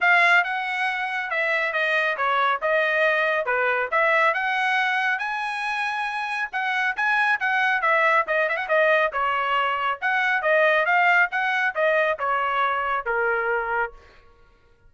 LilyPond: \new Staff \with { instrumentName = "trumpet" } { \time 4/4 \tempo 4 = 138 f''4 fis''2 e''4 | dis''4 cis''4 dis''2 | b'4 e''4 fis''2 | gis''2. fis''4 |
gis''4 fis''4 e''4 dis''8 e''16 fis''16 | dis''4 cis''2 fis''4 | dis''4 f''4 fis''4 dis''4 | cis''2 ais'2 | }